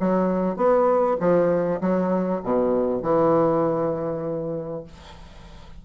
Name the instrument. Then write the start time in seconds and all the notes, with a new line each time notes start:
bassoon
0.00 F#3
0.56 B3
1.20 F3
1.81 F#3
2.43 B2
3.02 E3